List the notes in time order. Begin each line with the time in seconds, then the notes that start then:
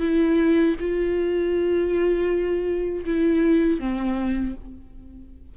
0.00 E4
0.79 F4
3.05 E4
3.79 C4